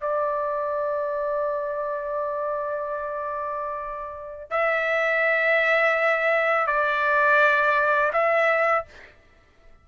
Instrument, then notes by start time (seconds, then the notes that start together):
trumpet
0.00 D5
4.50 E5
6.66 D5
8.12 E5